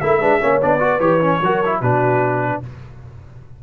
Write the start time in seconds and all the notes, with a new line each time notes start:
0.00 A3 E4 A#4 E5
0.19 G#3 D4 B4
0.41 A#3 C#4 C#5
0.61 B3 D4 D5
0.79 F#4 B4
0.99 E3 G4 C#5
1.20 C#4
1.41 F#3 F#4 A#4
1.65 E4
1.81 B2 D4 F#4 B4